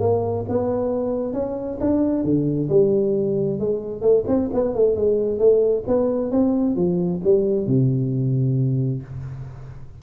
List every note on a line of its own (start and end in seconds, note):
0.00 0.45 A#3
0.49 1.33 B3
1.33 1.78 C#4
1.80 2.24 D4
2.24 2.69 D3
2.69 3.59 G3
3.59 4.02 G#3
4.02 4.24 A3
4.27 4.50 C4
4.54 4.75 B3
4.75 4.96 A3
4.96 5.39 G#3
5.39 5.84 A3
5.87 6.31 B3
6.31 6.76 C4
6.76 7.21 F3
7.24 7.67 G3
7.67 9.02 C3